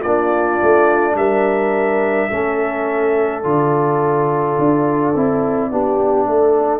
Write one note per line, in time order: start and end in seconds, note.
0.00 0.60 A#3
0.00 2.30 D4
0.00 1.13 F4
0.00 1.15 D5
0.62 1.15 A3
1.15 2.28 G3
1.15 2.29 A#4
1.15 3.42 E5
2.29 3.44 A3
2.29 3.43 C#4
2.29 5.69 A4
3.42 4.57 D3
3.42 5.13 F4
3.42 6.79 D5
4.58 5.15 D4
5.15 5.71 C4
5.15 5.71 E4
5.71 6.26 B3
5.71 6.79 D4
5.71 6.27 G4
6.26 6.79 A3
6.26 6.79 A4